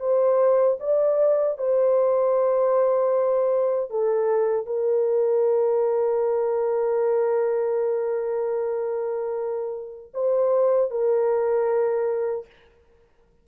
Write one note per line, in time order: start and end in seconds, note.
0.00 0.78 C5
0.80 1.58 D5
1.58 3.90 C5
3.90 4.66 A4
4.66 10.12 A#4
10.14 10.91 C5
10.91 12.46 A#4